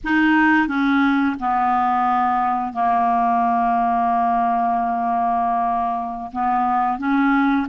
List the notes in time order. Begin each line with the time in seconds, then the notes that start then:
0.03 D#4
0.67 C#4
1.39 B3
2.72 A#3
6.32 B3
6.98 C#4